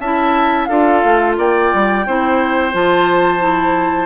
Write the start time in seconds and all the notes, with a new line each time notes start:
0.00 C#4 E4 E5 A5
0.66 D4 F4 A4 F5
1.05 A3
1.38 A#3 D5 G5
1.75 G3
2.07 C4 E4 C5
2.73 F3 F4 A5
3.40 E4